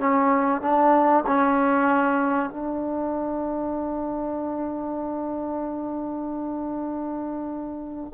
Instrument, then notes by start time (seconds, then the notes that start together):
trombone
0.00 C#4
0.62 D4
1.27 C#4
2.51 D4